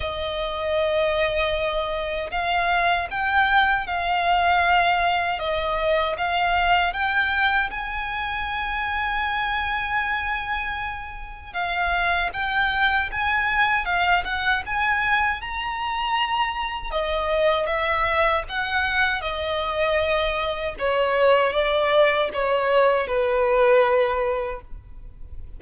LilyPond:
\new Staff \with { instrumentName = "violin" } { \time 4/4 \tempo 4 = 78 dis''2. f''4 | g''4 f''2 dis''4 | f''4 g''4 gis''2~ | gis''2. f''4 |
g''4 gis''4 f''8 fis''8 gis''4 | ais''2 dis''4 e''4 | fis''4 dis''2 cis''4 | d''4 cis''4 b'2 | }